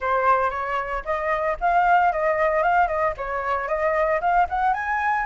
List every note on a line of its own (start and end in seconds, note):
0.00 0.50 C5
0.50 1.03 C#5
1.04 1.57 D#5
1.60 2.12 F5
2.12 2.62 D#5
2.62 2.87 F5
2.87 3.14 D#5
3.17 3.67 C#5
3.67 4.20 D#5
4.20 4.47 F5
4.49 4.73 F#5
4.73 5.26 G#5